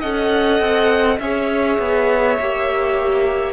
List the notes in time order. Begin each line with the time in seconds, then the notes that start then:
0.00 C#4 A4 D#5 F#5
0.60 C4
1.19 C#4 G#4 C#5 E5
1.79 B3
2.39 A#3 G4